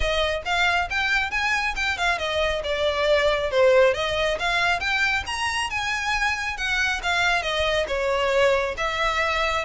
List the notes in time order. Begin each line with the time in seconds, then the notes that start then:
0.00 D#5
0.45 F5
0.90 G5
1.31 G#5
1.75 G5
1.97 F5
2.18 D#5
2.63 D5
3.50 C5
3.94 D#5
4.39 F5
4.80 G5
5.26 A#5
5.70 G#5
6.57 F#5
7.02 F5
7.42 D#5
7.87 C#5
8.77 E5